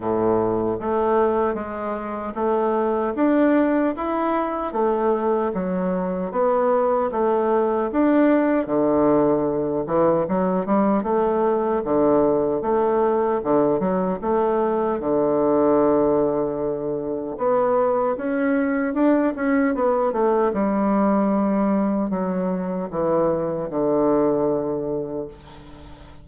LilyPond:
\new Staff \with { instrumentName = "bassoon" } { \time 4/4 \tempo 4 = 76 a,4 a4 gis4 a4 | d'4 e'4 a4 fis4 | b4 a4 d'4 d4~ | d8 e8 fis8 g8 a4 d4 |
a4 d8 fis8 a4 d4~ | d2 b4 cis'4 | d'8 cis'8 b8 a8 g2 | fis4 e4 d2 | }